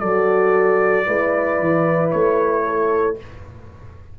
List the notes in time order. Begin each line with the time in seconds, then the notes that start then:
0.00 F#3 F#4 A4 D5
1.06 G#3 E4 B4
1.60 E3
2.11 A3 C#5
2.66 A4